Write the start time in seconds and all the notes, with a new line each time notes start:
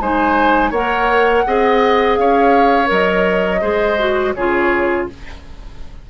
0.00 G#3 D#4 C5 G#5
0.70 A#3 A#4 C#5 F#5
1.46 C4 G#4 D#5
2.16 C#4 C#5 F5
2.86 F#3 A#4
2.92 D#5
3.61 G#3 G#4 C5
3.98 F#4
4.34 C#3 F4 G#4 C#5